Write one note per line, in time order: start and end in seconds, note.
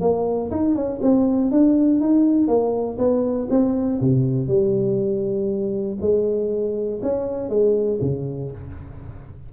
0.00 0.50 A#3
0.50 0.75 D#4
0.75 1.00 C#4
1.02 1.51 C4
1.51 2.00 D4
2.00 2.47 D#4
2.47 2.97 A#3
2.97 3.47 B3
3.50 4.00 C4
4.00 4.47 C3
4.47 5.97 G3
6.00 7.00 G#3
7.02 7.49 C#4
7.49 7.99 G#3
8.01 8.51 C#3